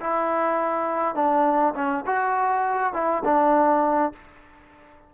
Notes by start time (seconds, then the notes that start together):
0.00 E4
1.15 D4
1.75 C#4
2.06 F#4
2.93 E4
3.24 D4